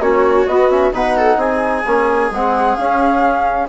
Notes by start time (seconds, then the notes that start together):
0.00 A#3 C#4 F#4 C#5
0.47 B3 D#5
0.70 C#4 E5
0.92 B2 D#4 B4 F#5
1.17 A4
1.37 C4 G#4 G#5
1.87 A#3 C#4
2.31 G#3 C4 F#5
2.76 C#4 F5